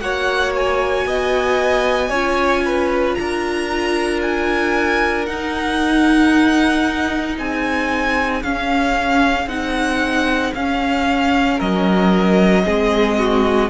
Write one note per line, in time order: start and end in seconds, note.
0.00 1.05 A#3
0.00 2.12 F#4
0.00 1.07 C#5
0.00 0.53 F#5
0.55 3.14 G#5
1.05 2.10 B3
1.05 2.09 D#5
2.09 3.15 C#4
2.09 5.27 F4
2.09 2.62 C#5
2.65 3.18 B4
3.14 5.29 D4
3.14 7.40 A#4
3.14 4.20 A#5
4.22 5.26 G#5
5.26 8.43 D#4
5.26 7.38 D#4
5.26 7.36 F#5
7.38 8.43 C4
7.38 11.57 G#4
7.38 8.43 G#5
8.43 9.47 C#4
8.43 9.48 C#4
8.43 9.48 F5
9.47 10.52 C4
9.47 10.54 D#4
9.47 10.54 F#5
10.54 11.60 C#4
10.54 12.64 C#4
10.54 11.60 F5
11.57 12.66 F#3
11.57 12.62 A#4
11.57 13.70 D#5
12.64 13.70 G#3
12.64 13.69 C4
12.64 13.18 G#4
13.18 13.70 F#4